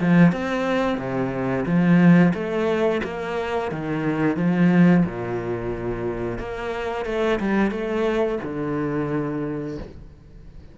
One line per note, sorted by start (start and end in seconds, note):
0.00 0.32 F3
0.32 0.97 C4
0.97 1.65 C3
1.65 2.33 F3
2.34 3.01 A3
3.04 3.71 A#3
3.71 4.37 D#3
4.37 5.04 F3
5.05 6.38 A#2
6.38 7.05 A#3
7.05 7.39 A3
7.39 7.71 G3
7.71 8.38 A3
8.43 9.78 D3